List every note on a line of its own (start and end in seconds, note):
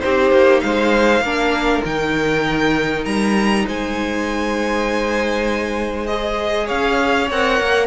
0.00 0.31 C4
0.00 1.22 D#4
0.00 0.63 G4
0.00 0.60 C5
0.31 0.61 A#3
0.60 1.20 G#3
0.60 1.23 C5
0.60 1.82 F5
1.20 1.80 A#3
1.20 1.85 D4
1.20 3.65 A#4
1.84 3.05 D#3
1.84 6.08 D#4
1.84 3.05 G5
3.05 3.66 G3
3.05 3.65 A#5
3.66 6.70 G#3
3.66 6.65 C5
3.66 6.06 G#5
6.06 7.29 G#4
6.06 6.67 D#5
6.65 7.30 C#4
6.65 7.86 C#5
6.65 7.29 F5
7.30 7.60 C4
7.30 7.86 A#4
7.30 7.86 F#5
7.60 7.86 A#3